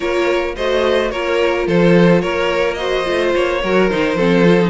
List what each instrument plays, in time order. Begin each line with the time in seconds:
0.00 cello A#3, viola F4, violin A#4 C#5
0.56 cello A3, viola F#4, violin C5 D#5
1.10 cello A#3, viola F4, violin A#4 C#5
1.67 cello F3, violin A4 C5
2.21 cello A#3, violin A#4 C#5
2.73 viola F#4, violin C5 D#5
3.04 cello A3, viola F4
3.34 cello A#3, violin C#5
3.62 cello F#3, viola F#4, violin A#4
3.89 cello D#3, viola D#4, violin C5
4.14 cello F3, viola C4, violin A4
4.44 viola F4
4.59 viola D#4